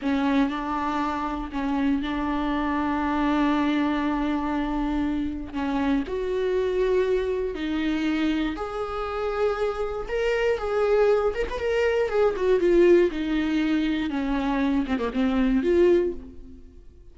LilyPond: \new Staff \with { instrumentName = "viola" } { \time 4/4 \tempo 4 = 119 cis'4 d'2 cis'4 | d'1~ | d'2. cis'4 | fis'2. dis'4~ |
dis'4 gis'2. | ais'4 gis'4. ais'16 b'16 ais'4 | gis'8 fis'8 f'4 dis'2 | cis'4. c'16 ais16 c'4 f'4 | }